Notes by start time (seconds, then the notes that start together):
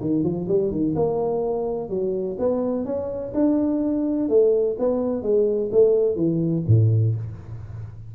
0.00 D#3
0.23 F3
0.48 G3
0.71 D#3
0.95 A#3
1.89 F#3
2.38 B3
2.85 C#4
3.34 D4
4.29 A3
4.78 B3
5.22 G#3
5.71 A3
6.15 E3
6.67 A2